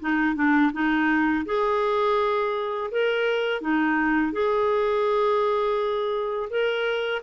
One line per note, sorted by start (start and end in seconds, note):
0.00 0.35 D#4
0.35 0.71 D4
0.73 1.45 D#4
1.46 2.90 G#4
2.91 3.61 A#4
3.61 4.32 D#4
4.32 6.49 G#4
6.50 7.22 A#4